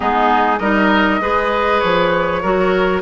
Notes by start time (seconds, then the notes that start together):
0.00 G#3 B3 D#4 G#4
0.59 G3 D#4 A#4 D#5
1.20 G#3 G#4 B4
1.79 F3 C#5
2.42 F#3 F#4 A#4